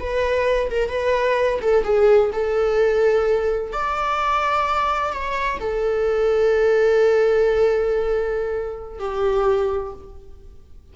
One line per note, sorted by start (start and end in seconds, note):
0.00 0.70 B4
0.70 0.89 A#4
0.89 1.60 B4
1.62 1.84 A4
1.84 2.31 G#4
2.33 3.73 A4
3.73 5.13 D5
5.13 5.60 C#5
5.60 9.00 A4
9.00 9.93 G4